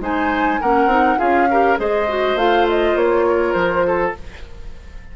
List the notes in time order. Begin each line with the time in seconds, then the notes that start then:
0.00 G#3 D#4 C5 G#5
0.60 A#3 C#4 A#4 F#5
0.85 C4 D#4
1.18 C#4 F4 G#4 F5
1.50 G4 A#4
1.77 G#3 G#4 C5 D#5
2.08 F#4
2.35 A3 F4 F5
2.68 D#5
2.95 A#3 C#5
3.27 A#4
3.52 F3 C5
3.87 A4